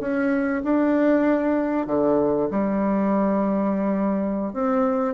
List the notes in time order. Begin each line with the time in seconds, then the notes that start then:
0.00 C#4
0.64 D4
1.86 D3
2.50 G3
4.53 C4